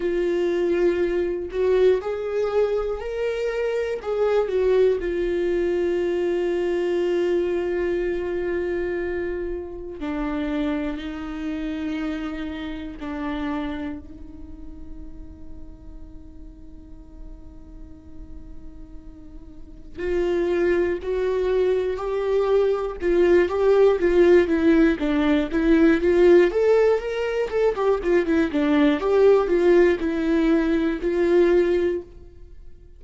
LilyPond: \new Staff \with { instrumentName = "viola" } { \time 4/4 \tempo 4 = 60 f'4. fis'8 gis'4 ais'4 | gis'8 fis'8 f'2.~ | f'2 d'4 dis'4~ | dis'4 d'4 dis'2~ |
dis'1 | f'4 fis'4 g'4 f'8 g'8 | f'8 e'8 d'8 e'8 f'8 a'8 ais'8 a'16 g'16 | f'16 e'16 d'8 g'8 f'8 e'4 f'4 | }